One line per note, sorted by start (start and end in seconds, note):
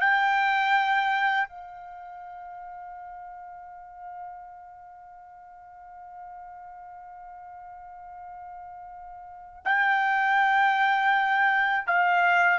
0.00 1.47 G5
1.47 9.62 F5
9.64 11.86 G5
11.86 12.58 F5